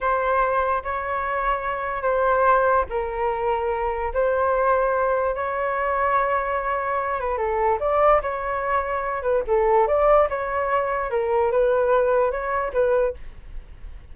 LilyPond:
\new Staff \with { instrumentName = "flute" } { \time 4/4 \tempo 4 = 146 c''2 cis''2~ | cis''4 c''2 ais'4~ | ais'2 c''2~ | c''4 cis''2.~ |
cis''4. b'8 a'4 d''4 | cis''2~ cis''8 b'8 a'4 | d''4 cis''2 ais'4 | b'2 cis''4 b'4 | }